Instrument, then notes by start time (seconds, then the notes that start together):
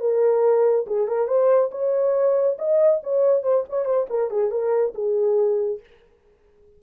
horn
0.00 A#4
0.87 G#4
1.07 A#4
1.28 C5
1.71 C#5
2.58 D#5
3.03 C#5
3.43 C5
3.69 C#5
3.85 C5
4.09 A#4
4.30 G#4
4.51 A#4
4.94 G#4